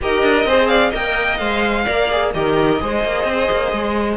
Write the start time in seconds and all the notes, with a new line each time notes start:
0.01 D#4 G4 A#4 D#5
0.22 D4
0.44 C4 G#4 C5
0.68 D5 F5
0.89 A#3 A#4 D#5 G5
1.37 G#3 C5 F5
1.84 A#3 A#4 D5
2.11 G#4
2.33 D#3 G4 A#4 D#5
2.80 G#3 G#4 C5
3.04 A#3
3.24 C4
3.51 A#3
3.71 G#3